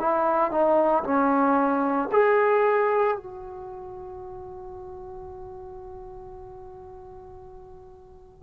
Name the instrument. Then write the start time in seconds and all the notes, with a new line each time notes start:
trombone
0.00 E4
0.51 D#4
1.04 C#4
2.12 G#4
3.17 F#4